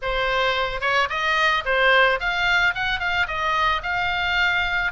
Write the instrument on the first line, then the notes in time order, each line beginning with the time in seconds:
oboe
0.02 C5
0.81 C#5
1.09 D#5
1.65 C5
2.20 F5
2.74 F#5
2.99 F5
3.27 D#5
3.83 F5